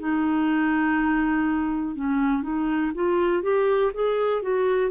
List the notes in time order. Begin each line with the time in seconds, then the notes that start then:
0.00 D#4
1.96 C#4
2.43 D#4
2.95 F4
3.43 G4
3.94 G#4
4.43 F#4